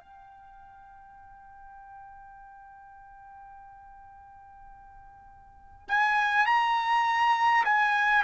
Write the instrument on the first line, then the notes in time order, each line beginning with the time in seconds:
trumpet
0.00 G5
5.88 G#5
6.46 A#5
7.65 G#5